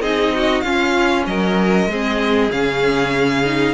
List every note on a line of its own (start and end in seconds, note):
0.00 0.62 C4
0.00 0.64 D#4
0.00 0.33 G#4
0.00 0.60 D#5
0.34 0.64 F#4
0.60 1.26 C#4
0.60 1.89 C#4
0.60 1.27 F4
0.60 1.23 F5
1.26 1.86 F#3
1.26 1.91 A#4
1.26 2.51 D#5
1.86 2.49 G#3
1.86 2.50 C4
1.86 3.74 G#4
2.50 3.74 C#3
2.50 3.44 C#4
2.50 3.74 F5
3.44 3.74 D#4